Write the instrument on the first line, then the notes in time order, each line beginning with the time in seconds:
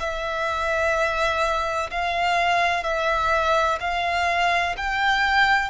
violin
0.00 E5
1.91 F5
2.84 E5
3.81 F5
4.77 G5